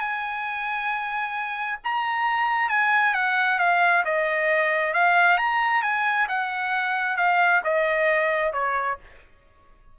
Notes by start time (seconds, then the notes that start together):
0.00 G#5
1.84 A#5
2.70 G#5
3.14 F#5
3.59 F5
4.05 D#5
4.94 F5
5.38 A#5
5.83 G#5
6.28 F#5
7.17 F5
7.64 D#5
8.53 C#5